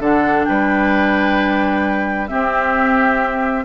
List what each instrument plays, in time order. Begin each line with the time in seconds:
0.00 bassoon D3, clarinet D4, oboe A4, flute F#5
0.45 bassoon G3, oboe B4, flute G5
2.28 clarinet C4, bassoon C4, oboe G4, flute E5